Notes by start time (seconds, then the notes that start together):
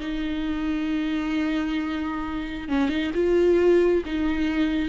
0.00 D#4
2.69 C#4
2.89 D#4
3.14 F4
4.06 D#4